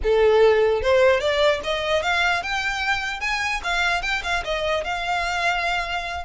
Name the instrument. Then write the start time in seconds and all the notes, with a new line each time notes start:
violin
0.03 A4
0.82 C5
1.20 D5
1.63 D#5
2.02 F5
2.43 G5
3.20 G#5
3.63 F5
4.02 G5
4.23 F5
4.44 D#5
4.84 F5